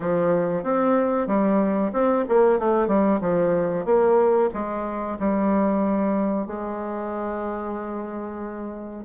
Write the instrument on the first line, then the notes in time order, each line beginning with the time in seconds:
bassoon
0.00 F3
0.63 C4
1.27 G3
1.92 C4
2.28 A#3
2.59 A3
2.87 G3
3.21 F3
3.85 A#3
4.53 G#3
5.19 G3
6.46 G#3